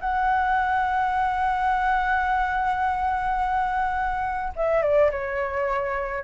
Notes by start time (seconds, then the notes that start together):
0.00 F#5
4.56 E5
4.82 D5
5.11 C#5